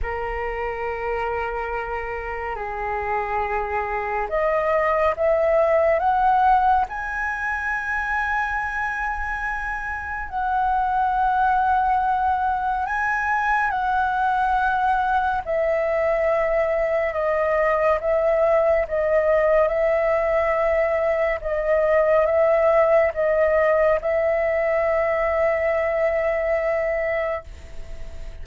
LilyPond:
\new Staff \with { instrumentName = "flute" } { \time 4/4 \tempo 4 = 70 ais'2. gis'4~ | gis'4 dis''4 e''4 fis''4 | gis''1 | fis''2. gis''4 |
fis''2 e''2 | dis''4 e''4 dis''4 e''4~ | e''4 dis''4 e''4 dis''4 | e''1 | }